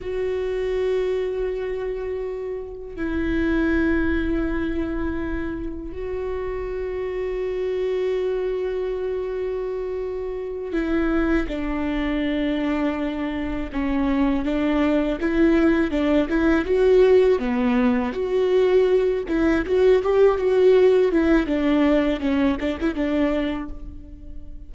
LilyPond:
\new Staff \with { instrumentName = "viola" } { \time 4/4 \tempo 4 = 81 fis'1 | e'1 | fis'1~ | fis'2~ fis'8 e'4 d'8~ |
d'2~ d'8 cis'4 d'8~ | d'8 e'4 d'8 e'8 fis'4 b8~ | b8 fis'4. e'8 fis'8 g'8 fis'8~ | fis'8 e'8 d'4 cis'8 d'16 e'16 d'4 | }